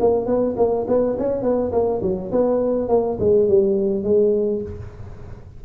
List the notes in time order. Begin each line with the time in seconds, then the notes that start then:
0.00 A#3
0.26 B3
0.57 A#3
0.88 B3
1.18 C#4
1.42 B3
1.72 A#3
2.02 F#3
2.32 B3
2.88 A#3
3.20 G#3
3.48 G3
4.04 G#3